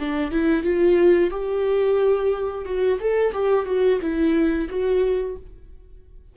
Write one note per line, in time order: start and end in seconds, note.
0.00 0.32 D4
0.32 0.63 E4
0.63 1.31 F4
1.31 2.65 G4
2.65 2.99 F#4
3.00 3.33 A4
3.33 3.66 G4
3.66 4.00 F#4
4.01 4.69 E4
4.69 5.37 F#4